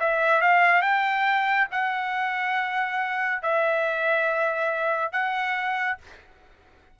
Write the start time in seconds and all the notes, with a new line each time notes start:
0.00 E5
0.41 F5
0.82 G5
1.71 F#5
3.42 E5
5.12 F#5